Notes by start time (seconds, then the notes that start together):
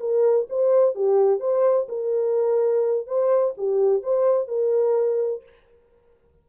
0.00 A#4
0.50 C5
0.95 G4
1.40 C5
1.89 A#4
3.07 C5
3.58 G4
4.03 C5
4.48 A#4